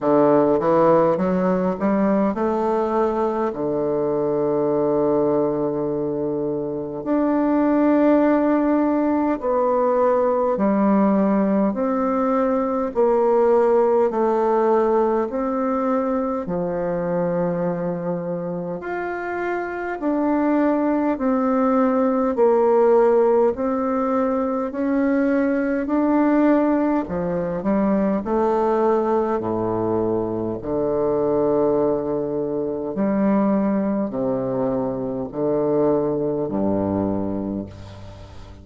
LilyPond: \new Staff \with { instrumentName = "bassoon" } { \time 4/4 \tempo 4 = 51 d8 e8 fis8 g8 a4 d4~ | d2 d'2 | b4 g4 c'4 ais4 | a4 c'4 f2 |
f'4 d'4 c'4 ais4 | c'4 cis'4 d'4 f8 g8 | a4 a,4 d2 | g4 c4 d4 g,4 | }